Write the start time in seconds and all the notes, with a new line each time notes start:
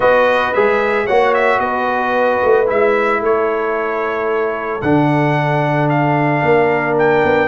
0.00 B3 F#4 B4 D#5
0.53 G#3 G#4 E5
1.05 A#3 F#4 C#5 F#5
1.33 E5
1.59 B3 B4 D#5
2.43 A3
2.66 G#3 E4 E5
3.21 A3 A4 C#5
4.81 D3 D4 F#5
5.89 F5
6.42 A#3 A#4
6.98 G5
7.24 B3